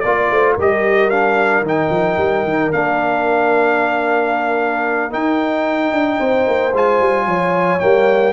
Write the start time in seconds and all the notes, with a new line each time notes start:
0.00 A#3 F4 D5
0.31 A3 C5
0.55 G3 G4 A#4
0.61 D#5
1.10 D4 F5
1.62 D#3 D#4 G5
1.90 F3
2.18 G3
2.44 D#3
2.72 A#3 D4 F5
5.11 D#4 G5
5.92 D4
6.19 C4 C5
6.48 A#3
6.74 G#3 F4 G#5
7.00 G3
7.26 F3 C#5
7.80 G3 A#3 G5